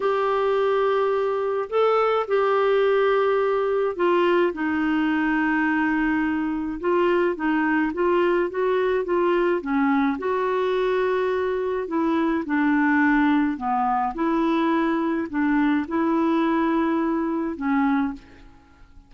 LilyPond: \new Staff \with { instrumentName = "clarinet" } { \time 4/4 \tempo 4 = 106 g'2. a'4 | g'2. f'4 | dis'1 | f'4 dis'4 f'4 fis'4 |
f'4 cis'4 fis'2~ | fis'4 e'4 d'2 | b4 e'2 d'4 | e'2. cis'4 | }